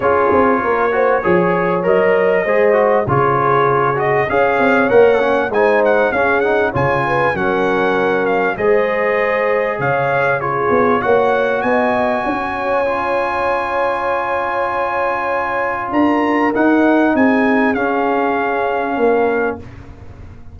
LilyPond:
<<
  \new Staff \with { instrumentName = "trumpet" } { \time 4/4 \tempo 4 = 98 cis''2. dis''4~ | dis''4 cis''4. dis''8 f''4 | fis''4 gis''8 fis''8 f''8 fis''8 gis''4 | fis''4. f''8 dis''2 |
f''4 cis''4 fis''4 gis''4~ | gis''1~ | gis''2 ais''4 fis''4 | gis''4 f''2. | }
  \new Staff \with { instrumentName = "horn" } { \time 4/4 gis'4 ais'8 c''8 cis''2 | c''4 gis'2 cis''4~ | cis''4 c''4 gis'4 cis''8 b'8 | ais'2 c''2 |
cis''4 gis'4 cis''4 dis''4 | cis''1~ | cis''2 ais'2 | gis'2. ais'4 | }
  \new Staff \with { instrumentName = "trombone" } { \time 4/4 f'4. fis'8 gis'4 ais'4 | gis'8 fis'8 f'4. fis'8 gis'4 | ais'8 cis'8 dis'4 cis'8 dis'8 f'4 | cis'2 gis'2~ |
gis'4 f'4 fis'2~ | fis'4 f'2.~ | f'2. dis'4~ | dis'4 cis'2. | }
  \new Staff \with { instrumentName = "tuba" } { \time 4/4 cis'8 c'8 ais4 f4 fis4 | gis4 cis2 cis'8 c'8 | ais4 gis4 cis'4 cis4 | fis2 gis2 |
cis4. b8 ais4 b4 | cis'1~ | cis'2 d'4 dis'4 | c'4 cis'2 ais4 | }
>>